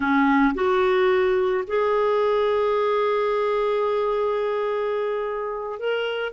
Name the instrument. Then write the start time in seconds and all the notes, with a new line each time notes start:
clarinet
0.00 C#4
0.54 F#4
1.67 G#4
5.79 A#4